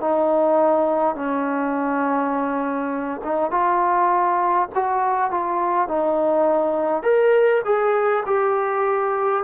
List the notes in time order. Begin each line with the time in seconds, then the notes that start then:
0.00 D#4
1.15 C#4
3.24 D#4
3.50 F4
4.74 F#4
5.30 F4
5.88 D#4
7.03 A#4
7.65 G#4
8.26 G4